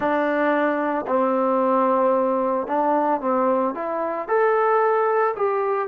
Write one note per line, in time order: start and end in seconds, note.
0.00 1.05 D4
1.07 2.67 C4
2.67 3.20 D4
3.20 3.74 C4
3.74 4.28 E4
4.28 5.35 A4
5.36 5.88 G4